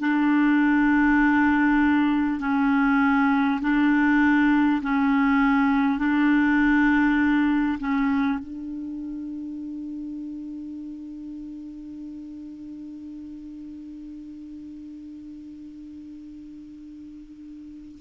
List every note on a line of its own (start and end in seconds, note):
0.00 2.40 D4
2.40 3.60 C#4
3.62 4.82 D4
4.82 5.98 C#4
5.98 7.78 D4
7.79 8.39 C#4
8.39 17.99 D4